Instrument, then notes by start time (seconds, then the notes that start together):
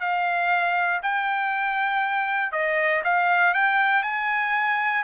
trumpet
0.00 F5
1.02 G5
2.52 D#5
3.04 F5
3.54 G5
4.02 G#5